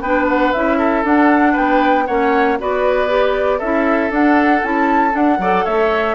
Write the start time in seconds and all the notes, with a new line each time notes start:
0.00 B3 D4 B4 G5
0.28 F#5
0.52 C#4 E4 E5
0.78 A4
1.04 D4 F#5
1.52 B3 B4 G5
2.06 A#3 C#4 C#5 F#5
2.58 B3 F#4 B4 D5
3.08 G4
3.58 C#4 E4 A4 E5
4.10 D4 F#5
4.63 C#4 E4 A5
5.11 D4 F#5
5.38 F#3 A4 D5
5.64 A3 C#5 E5